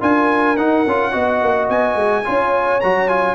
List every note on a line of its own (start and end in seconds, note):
0.00 0.56 D4
0.00 0.56 F4
0.00 1.11 A#4
0.00 0.56 G#5
0.56 0.84 D#4
0.56 0.86 D#4
0.56 1.68 F#5
0.86 1.14 C#4
0.86 1.11 F4
1.11 1.41 B3
1.11 2.23 F#4
1.11 2.24 D#5
1.41 1.69 A#3
1.69 1.95 B3
1.69 2.80 G#5
1.95 2.23 G#3
2.24 2.83 C#4
2.24 2.80 F4
2.24 3.35 C#5
2.80 3.35 F#3
2.80 3.08 F#4
2.80 3.08 A#5
3.08 3.35 F4
3.08 3.35 G#5